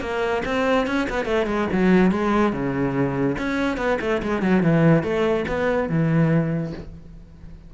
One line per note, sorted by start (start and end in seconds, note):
0.00 0.42 A#3
0.45 0.86 C4
0.86 1.07 C#4
1.09 1.25 B3
1.25 1.46 A3
1.46 1.67 G#3
1.72 2.11 F#3
2.11 2.52 G#3
2.52 3.36 C#3
3.38 3.77 C#4
3.77 3.98 B3
4.01 4.21 A3
4.22 4.42 G#3
4.42 4.62 F#3
4.62 5.03 E3
5.03 5.45 A3
5.48 5.89 B3
5.89 6.73 E3